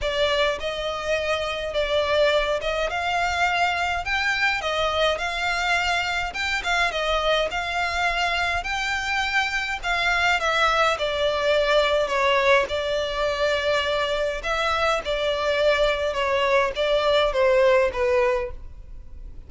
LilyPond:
\new Staff \with { instrumentName = "violin" } { \time 4/4 \tempo 4 = 104 d''4 dis''2 d''4~ | d''8 dis''8 f''2 g''4 | dis''4 f''2 g''8 f''8 | dis''4 f''2 g''4~ |
g''4 f''4 e''4 d''4~ | d''4 cis''4 d''2~ | d''4 e''4 d''2 | cis''4 d''4 c''4 b'4 | }